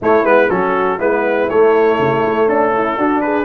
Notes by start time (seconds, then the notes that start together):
0.01 A3 E4 C#5
0.23 G#3 B3 B4
0.49 F#3 C#4 F#4 A4
0.98 G#3 B3 E4 B4
1.49 A3 C#5
1.98 C#3
2.25 A3
2.47 C#4 D4 A4
2.74 E4
2.97 D4 F#4
3.21 G#4 B4